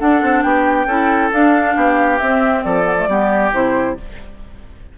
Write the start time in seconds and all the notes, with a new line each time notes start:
0.00 D4 A4 F#5
0.23 C4
0.43 B3 G4 G5
0.86 C#4 E4 A4
1.32 D4 F5
1.76 B3 G4
2.19 C4 E5
2.64 F3 A4 D5
2.84 B3
2.98 A3
3.08 G3 B3 G4
3.53 C3 E4 C5